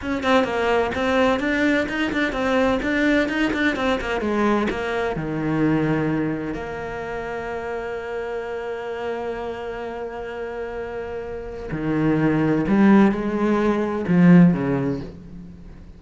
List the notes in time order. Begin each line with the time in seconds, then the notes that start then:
0.01 C#4
0.23 C4
0.44 A#3
0.94 C4
1.39 D4
1.88 D#4
2.12 D4
2.32 C4
2.82 D4
3.28 D#4
3.53 D4
3.76 C4
4.01 A#3
4.20 G#3
4.69 A#3
5.15 D#3
6.54 A#3
11.71 D#3
12.68 G3
13.11 G#3
14.07 F3
14.53 C#3